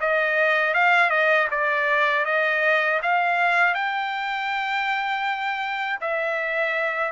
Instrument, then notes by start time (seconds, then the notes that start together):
trumpet
0.00 D#5
0.74 F5
1.10 D#5
1.51 D5
2.25 D#5
3.02 F5
3.74 G5
6.01 E5